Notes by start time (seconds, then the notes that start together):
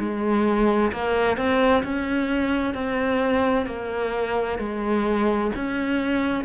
0.00 G#3
0.93 A#3
1.38 C4
1.84 C#4
2.74 C4
3.67 A#3
4.59 G#3
5.56 C#4